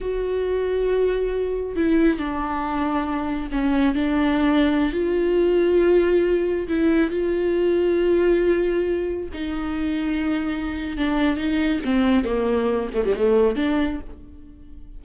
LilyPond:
\new Staff \with { instrumentName = "viola" } { \time 4/4 \tempo 4 = 137 fis'1 | e'4 d'2. | cis'4 d'2~ d'16 f'8.~ | f'2.~ f'16 e'8.~ |
e'16 f'2.~ f'8.~ | f'4~ f'16 dis'2~ dis'8.~ | dis'4 d'4 dis'4 c'4 | ais4. a16 g16 a4 d'4 | }